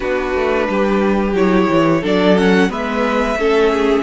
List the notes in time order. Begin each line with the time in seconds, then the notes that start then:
0.00 B3 D4 F#4 B4
0.34 A3
0.69 G3 G4
1.32 F#3 E4 C#5
1.69 E3
2.01 F#3 D4 A4 D5
2.36 C#4 F#5
2.69 G#3 B3 B4 E5
3.35 A3 C#4 A4
3.72 G#4